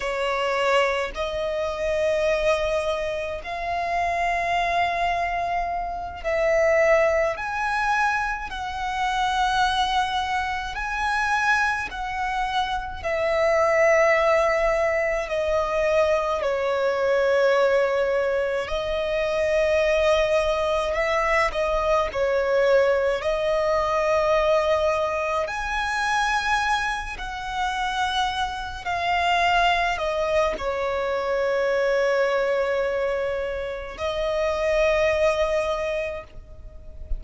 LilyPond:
\new Staff \with { instrumentName = "violin" } { \time 4/4 \tempo 4 = 53 cis''4 dis''2 f''4~ | f''4. e''4 gis''4 fis''8~ | fis''4. gis''4 fis''4 e''8~ | e''4. dis''4 cis''4.~ |
cis''8 dis''2 e''8 dis''8 cis''8~ | cis''8 dis''2 gis''4. | fis''4. f''4 dis''8 cis''4~ | cis''2 dis''2 | }